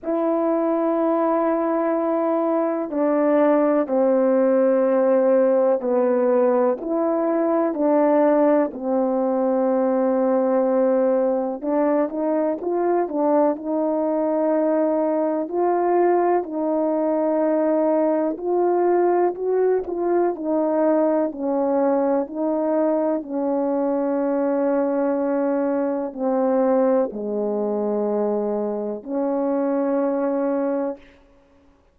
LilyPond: \new Staff \with { instrumentName = "horn" } { \time 4/4 \tempo 4 = 62 e'2. d'4 | c'2 b4 e'4 | d'4 c'2. | d'8 dis'8 f'8 d'8 dis'2 |
f'4 dis'2 f'4 | fis'8 f'8 dis'4 cis'4 dis'4 | cis'2. c'4 | gis2 cis'2 | }